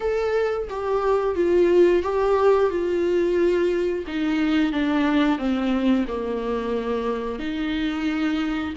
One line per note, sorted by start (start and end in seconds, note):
0.00 0.67 A4
0.69 1.35 G4
1.35 2.02 F4
2.02 2.70 G4
2.70 4.04 F4
4.07 4.72 D#4
4.72 5.38 D4
5.38 6.05 C4
6.07 7.39 A#3
7.39 8.74 D#4